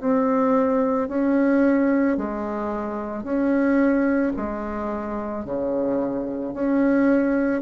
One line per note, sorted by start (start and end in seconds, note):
0.00 1.09 C4
1.09 2.17 C#4
2.17 3.23 G#3
3.23 4.32 C#4
4.36 5.45 G#3
5.45 6.54 C#3
6.54 7.62 C#4